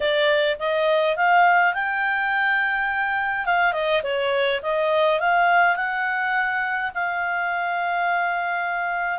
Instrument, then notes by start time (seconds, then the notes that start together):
clarinet
0.00 D5
0.59 D#5
1.16 F5
1.74 G5
3.45 F5
3.72 D#5
4.03 C#5
4.62 D#5
5.19 F5
5.75 F#5
6.94 F5